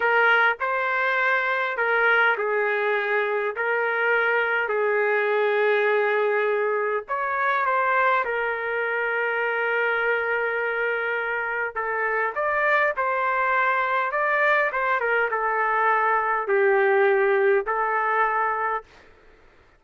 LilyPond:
\new Staff \with { instrumentName = "trumpet" } { \time 4/4 \tempo 4 = 102 ais'4 c''2 ais'4 | gis'2 ais'2 | gis'1 | cis''4 c''4 ais'2~ |
ais'1 | a'4 d''4 c''2 | d''4 c''8 ais'8 a'2 | g'2 a'2 | }